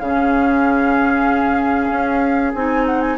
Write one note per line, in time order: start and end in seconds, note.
0.00 1.90 C#3
0.00 2.56 C#4
0.00 3.18 G#4
0.00 2.53 F5
1.90 2.54 C#4
2.54 3.18 C4
2.54 3.18 D#4
2.54 2.86 G#5
2.86 3.02 F#5
3.02 3.17 G#5